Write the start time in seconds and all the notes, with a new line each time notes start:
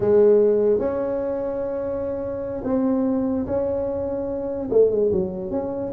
0.00 G#3
0.79 C#4
2.64 C4
3.46 C#4
4.70 A3
4.90 G#3
5.11 F#3
5.51 C#4